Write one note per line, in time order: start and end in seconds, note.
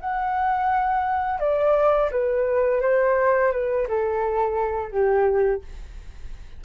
0.00 1.40 F#5
1.40 2.10 D5
2.11 2.81 B4
2.81 3.52 C5
3.52 3.87 B4
3.88 4.91 A4
4.91 5.61 G4